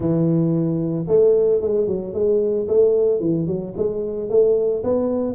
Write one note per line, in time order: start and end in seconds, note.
0.00 1.06 E3
1.07 1.61 A3
1.61 1.87 G#3
1.87 2.13 F#3
2.13 2.67 G#3
2.68 3.19 A3
3.19 3.46 E3
3.46 3.73 F#3
3.76 4.29 G#3
4.29 4.83 A3
4.83 5.34 B3